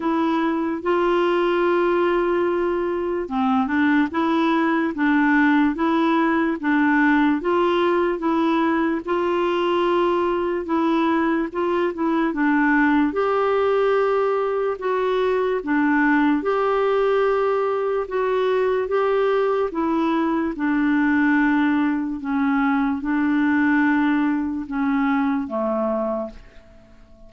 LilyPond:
\new Staff \with { instrumentName = "clarinet" } { \time 4/4 \tempo 4 = 73 e'4 f'2. | c'8 d'8 e'4 d'4 e'4 | d'4 f'4 e'4 f'4~ | f'4 e'4 f'8 e'8 d'4 |
g'2 fis'4 d'4 | g'2 fis'4 g'4 | e'4 d'2 cis'4 | d'2 cis'4 a4 | }